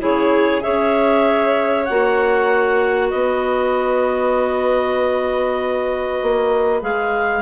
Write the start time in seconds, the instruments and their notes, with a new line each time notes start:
0.00 bassoon C#3, clarinet E4 C#5, violin G#4
0.62 bassoon C#4, clarinet G#4 E5, violin C#5
1.85 bassoon A#3, clarinet F#4 F#5
3.10 bassoon B3, violin B4, clarinet D#5
6.22 bassoon A#3
6.82 bassoon G#3, clarinet G#4 F5